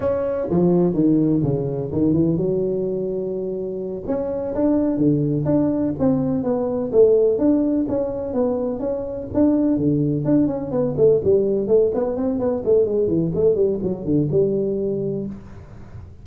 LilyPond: \new Staff \with { instrumentName = "tuba" } { \time 4/4 \tempo 4 = 126 cis'4 f4 dis4 cis4 | dis8 e8 fis2.~ | fis8 cis'4 d'4 d4 d'8~ | d'8 c'4 b4 a4 d'8~ |
d'8 cis'4 b4 cis'4 d'8~ | d'8 d4 d'8 cis'8 b8 a8 g8~ | g8 a8 b8 c'8 b8 a8 gis8 e8 | a8 g8 fis8 d8 g2 | }